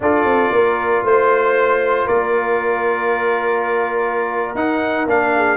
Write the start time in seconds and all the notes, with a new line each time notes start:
0.00 D4 F4 A4 D5
0.24 C4
0.51 A#3 A#4
1.02 A3 C5
2.06 A#3 A#4 D5
4.54 D#4 F#5
5.06 A#3 D4 F5
5.36 G#4